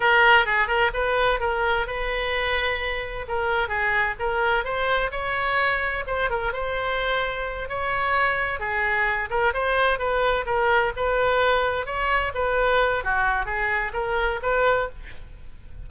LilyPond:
\new Staff \with { instrumentName = "oboe" } { \time 4/4 \tempo 4 = 129 ais'4 gis'8 ais'8 b'4 ais'4 | b'2. ais'4 | gis'4 ais'4 c''4 cis''4~ | cis''4 c''8 ais'8 c''2~ |
c''8 cis''2 gis'4. | ais'8 c''4 b'4 ais'4 b'8~ | b'4. cis''4 b'4. | fis'4 gis'4 ais'4 b'4 | }